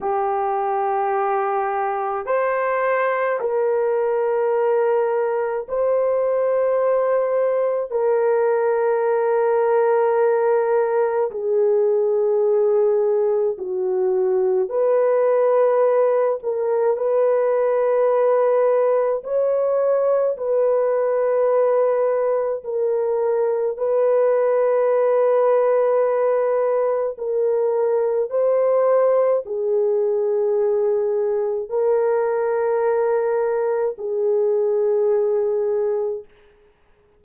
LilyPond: \new Staff \with { instrumentName = "horn" } { \time 4/4 \tempo 4 = 53 g'2 c''4 ais'4~ | ais'4 c''2 ais'4~ | ais'2 gis'2 | fis'4 b'4. ais'8 b'4~ |
b'4 cis''4 b'2 | ais'4 b'2. | ais'4 c''4 gis'2 | ais'2 gis'2 | }